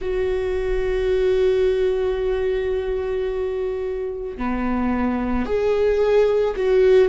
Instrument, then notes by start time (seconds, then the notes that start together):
viola
0.01 F#4
4.37 B3
5.45 G#4
6.56 F#4